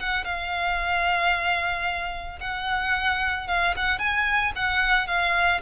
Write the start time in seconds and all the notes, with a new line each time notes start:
0.00 F#5
0.25 F5
2.41 F#5
3.48 F5
3.76 F#5
3.99 G#5
4.56 F#5
5.07 F5